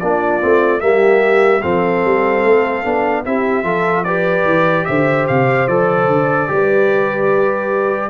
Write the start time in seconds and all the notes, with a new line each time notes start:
0.00 A#3 D4 F4 D5
0.41 A3 C4
0.80 G3 A#3 G4 E5
1.62 F3 C4 A4 F5
2.05 G3
2.45 A3
2.84 B3 D4
3.25 C4 E4 G4 E5
3.63 F3 F4 A4
4.04 G4 B4 D5
4.45 E3
4.85 D3 C5 E5
5.28 C3 F5
5.68 F3 A4 D5
6.08 D3
6.48 G3 G4 B4